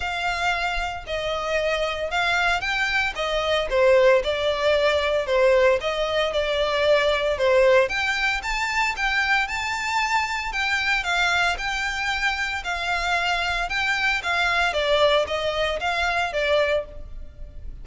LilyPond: \new Staff \with { instrumentName = "violin" } { \time 4/4 \tempo 4 = 114 f''2 dis''2 | f''4 g''4 dis''4 c''4 | d''2 c''4 dis''4 | d''2 c''4 g''4 |
a''4 g''4 a''2 | g''4 f''4 g''2 | f''2 g''4 f''4 | d''4 dis''4 f''4 d''4 | }